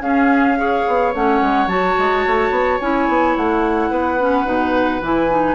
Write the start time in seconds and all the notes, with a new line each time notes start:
0.00 C#4 G#4 F5
0.58 G#4 C#5
0.88 B3
1.14 A3 C#4 F#5
1.42 G#3
1.67 F#3 F#4 A5
1.98 G#3
2.27 A3
2.50 B3
2.80 C#4 E4 G#5
3.08 B3
3.36 A3 F#5
3.90 B3 B4
4.20 C#4
4.45 B2 D#4
5.02 E3 E4 G#5
5.30 D#4